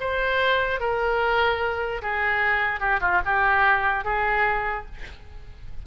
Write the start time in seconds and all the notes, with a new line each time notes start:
0.00 C5
0.80 A#4
2.02 G#4
2.80 G4
3.00 F4
3.25 G4
4.04 G#4